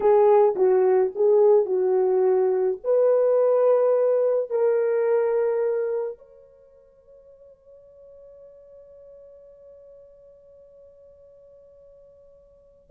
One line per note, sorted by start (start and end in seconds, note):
0.00 0.55 G#4
0.55 1.11 F#4
1.15 1.65 G#4
1.65 2.78 F#4
2.84 4.50 B4
4.50 6.18 A#4
6.18 12.90 C#5